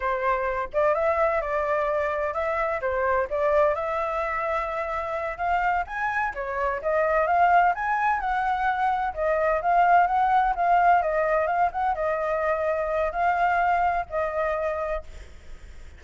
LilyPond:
\new Staff \with { instrumentName = "flute" } { \time 4/4 \tempo 4 = 128 c''4. d''8 e''4 d''4~ | d''4 e''4 c''4 d''4 | e''2.~ e''8 f''8~ | f''8 gis''4 cis''4 dis''4 f''8~ |
f''8 gis''4 fis''2 dis''8~ | dis''8 f''4 fis''4 f''4 dis''8~ | dis''8 f''8 fis''8 dis''2~ dis''8 | f''2 dis''2 | }